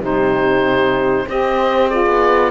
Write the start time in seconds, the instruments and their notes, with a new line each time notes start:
0.00 cello C3, saxophone D#4, horn G4, oboe C5
1.28 cello C4, saxophone G4, horn C5, oboe D#5
1.87 saxophone F4, horn G#4, oboe D5
2.06 cello B3